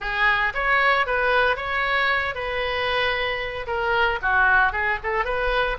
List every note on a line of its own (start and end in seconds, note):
0.00 0.53 G#4
0.54 1.06 C#5
1.06 1.56 B4
1.56 2.34 C#5
2.34 3.66 B4
3.66 4.19 A#4
4.22 4.72 F#4
4.72 4.98 G#4
5.03 5.24 A4
5.24 5.77 B4